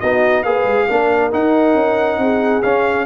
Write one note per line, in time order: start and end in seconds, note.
0.00 0.44 B3
0.00 0.45 D#4
0.00 0.43 F#4
0.00 0.43 D#5
0.43 0.64 A#3
0.43 0.88 G#4
0.43 0.87 B4
0.43 1.31 F5
0.64 0.86 G#3
0.89 1.33 A#3
0.89 1.31 D4
0.89 2.21 A#4
1.31 2.63 D#4
1.31 1.74 D#4
1.31 2.62 F#5
1.74 2.18 C#4
2.18 2.62 C4
2.18 3.06 G#4
2.62 3.06 C#4
2.62 3.06 F5